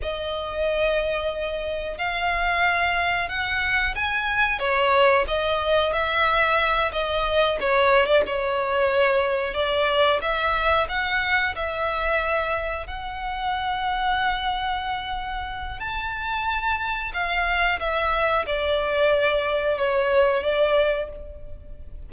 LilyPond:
\new Staff \with { instrumentName = "violin" } { \time 4/4 \tempo 4 = 91 dis''2. f''4~ | f''4 fis''4 gis''4 cis''4 | dis''4 e''4. dis''4 cis''8~ | cis''16 d''16 cis''2 d''4 e''8~ |
e''8 fis''4 e''2 fis''8~ | fis''1 | a''2 f''4 e''4 | d''2 cis''4 d''4 | }